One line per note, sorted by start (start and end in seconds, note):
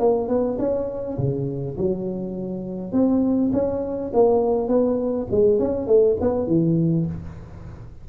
0.00 0.28 A#3
0.28 0.58 B3
0.59 1.18 C#4
1.18 1.77 C#3
1.78 2.93 F#3
2.93 3.52 C4
3.53 4.12 C#4
4.14 4.68 A#3
4.68 5.27 B3
5.31 5.59 G#3
5.59 5.87 C#4
5.87 6.17 A3
6.21 6.47 B3
6.47 7.06 E3